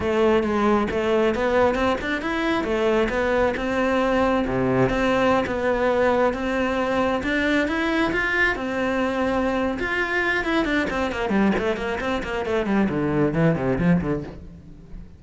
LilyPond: \new Staff \with { instrumentName = "cello" } { \time 4/4 \tempo 4 = 135 a4 gis4 a4 b4 | c'8 d'8 e'4 a4 b4 | c'2 c4 c'4~ | c'16 b2 c'4.~ c'16~ |
c'16 d'4 e'4 f'4 c'8.~ | c'2 f'4. e'8 | d'8 c'8 ais8 g8 a8 ais8 c'8 ais8 | a8 g8 d4 e8 c8 f8 d8 | }